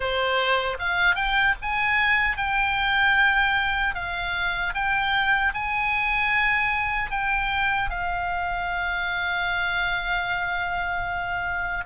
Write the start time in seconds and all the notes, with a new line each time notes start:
0.00 C5
0.79 F5
1.15 G5
1.61 G#5
2.37 G5
3.94 F5
4.74 G5
5.54 G#5
7.11 G5
7.89 F5